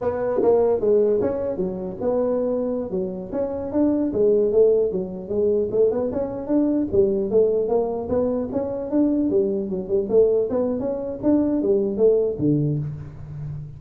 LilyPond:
\new Staff \with { instrumentName = "tuba" } { \time 4/4 \tempo 4 = 150 b4 ais4 gis4 cis'4 | fis4 b2~ b16 fis8.~ | fis16 cis'4 d'4 gis4 a8.~ | a16 fis4 gis4 a8 b8 cis'8.~ |
cis'16 d'4 g4 a4 ais8.~ | ais16 b4 cis'4 d'4 g8.~ | g16 fis8 g8 a4 b8. cis'4 | d'4 g4 a4 d4 | }